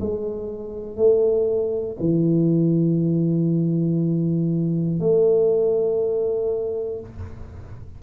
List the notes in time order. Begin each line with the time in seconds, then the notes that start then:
0.00 G#3
0.97 A3
2.00 E3
5.00 A3